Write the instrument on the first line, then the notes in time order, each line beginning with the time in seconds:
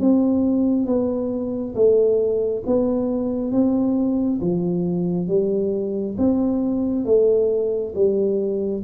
tuba
0.00 C4
0.86 B3
1.75 A3
2.66 B3
3.52 C4
4.41 F3
5.28 G3
6.18 C4
7.05 A3
7.95 G3